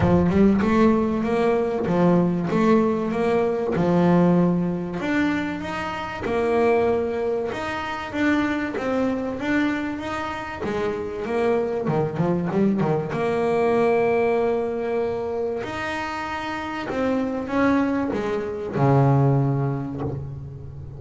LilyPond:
\new Staff \with { instrumentName = "double bass" } { \time 4/4 \tempo 4 = 96 f8 g8 a4 ais4 f4 | a4 ais4 f2 | d'4 dis'4 ais2 | dis'4 d'4 c'4 d'4 |
dis'4 gis4 ais4 dis8 f8 | g8 dis8 ais2.~ | ais4 dis'2 c'4 | cis'4 gis4 cis2 | }